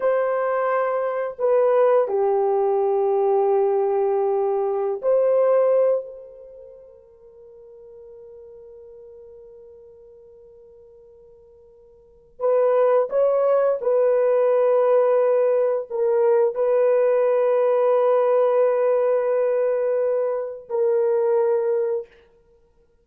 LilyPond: \new Staff \with { instrumentName = "horn" } { \time 4/4 \tempo 4 = 87 c''2 b'4 g'4~ | g'2.~ g'16 c''8.~ | c''8. ais'2.~ ais'16~ | ais'1~ |
ais'2 b'4 cis''4 | b'2. ais'4 | b'1~ | b'2 ais'2 | }